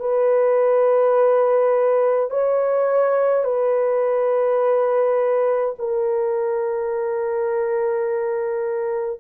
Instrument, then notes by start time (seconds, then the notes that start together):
horn
0.00 B4
2.30 C#5
3.45 B4
5.78 A#4